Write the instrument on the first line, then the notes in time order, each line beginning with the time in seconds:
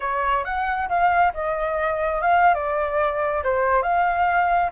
flute
0.00 C#5
0.44 F#5
0.88 F5
1.33 D#5
2.21 F5
2.54 D5
3.43 C5
3.82 F5